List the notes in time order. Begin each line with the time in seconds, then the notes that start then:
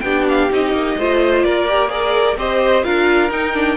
0.00 B3 D4 G4 G5
0.28 F5
0.50 C4 D#4 D#5
0.72 A#3
0.97 A3 F4 C5
1.42 A#3 A#4 D5
1.67 G4
1.88 G#4 A#4 D5
2.36 C4 G4 C5 D#5
2.83 D4 F4 A#4 F5
3.30 D#4 G5
3.53 D4